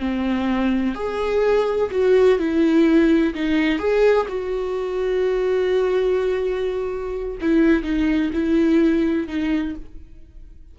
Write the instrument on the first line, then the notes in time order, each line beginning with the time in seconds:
viola
0.00 C4
0.95 G#4
1.92 F#4
2.39 E4
3.35 D#4
3.79 G#4
4.29 F#4
7.42 E4
7.84 D#4
8.34 E4
9.28 D#4